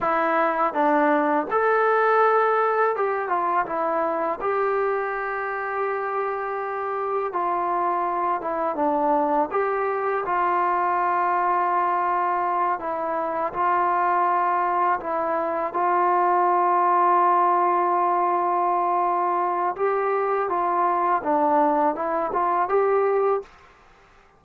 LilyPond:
\new Staff \with { instrumentName = "trombone" } { \time 4/4 \tempo 4 = 82 e'4 d'4 a'2 | g'8 f'8 e'4 g'2~ | g'2 f'4. e'8 | d'4 g'4 f'2~ |
f'4. e'4 f'4.~ | f'8 e'4 f'2~ f'8~ | f'2. g'4 | f'4 d'4 e'8 f'8 g'4 | }